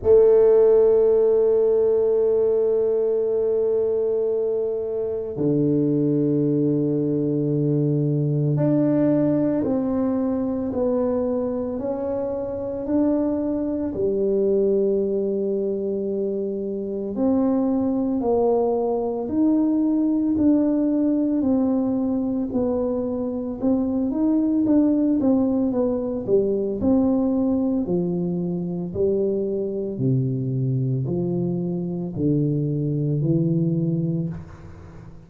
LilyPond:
\new Staff \with { instrumentName = "tuba" } { \time 4/4 \tempo 4 = 56 a1~ | a4 d2. | d'4 c'4 b4 cis'4 | d'4 g2. |
c'4 ais4 dis'4 d'4 | c'4 b4 c'8 dis'8 d'8 c'8 | b8 g8 c'4 f4 g4 | c4 f4 d4 e4 | }